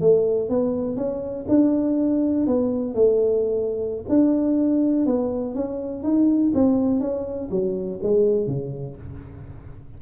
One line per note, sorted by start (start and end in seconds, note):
0.00 0.49 A3
0.49 0.96 B3
0.96 1.45 C#4
1.48 2.46 D4
2.46 2.94 B3
2.94 4.05 A3
4.08 5.06 D4
5.06 5.54 B3
5.54 6.03 C#4
6.03 6.52 D#4
6.54 7.00 C4
7.00 7.49 C#4
7.50 8.00 F#3
8.02 8.47 G#3
8.47 8.96 C#3